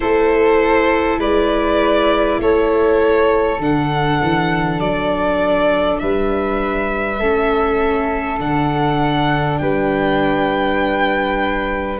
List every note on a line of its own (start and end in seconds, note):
0.00 1.18 A3
0.00 3.58 E4
0.00 1.19 A4
0.00 1.18 C5
1.18 2.38 G#3
1.18 2.39 B4
1.18 2.40 D5
2.39 3.58 A3
2.39 6.01 A4
2.39 3.61 C#5
3.58 4.18 D3
3.58 7.19 D4
3.58 4.79 F#5
4.21 4.79 E3
4.79 5.99 F#3
4.79 5.98 D5
5.98 7.20 G3
5.98 7.19 B4
5.98 8.38 E5
7.19 8.39 A3
7.19 8.38 C#4
7.19 9.59 A4
8.38 9.59 D3
8.38 11.98 D4
8.38 9.58 F#5
9.58 11.99 G3
9.58 11.99 B4
9.58 11.98 G5